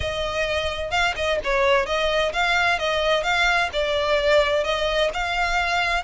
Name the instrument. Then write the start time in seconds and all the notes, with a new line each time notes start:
violin
0.00 D#5
0.90 F5
1.15 D#5
1.44 C#5
1.86 D#5
2.33 F5
2.78 D#5
3.23 F5
3.73 D5
4.64 D#5
5.13 F5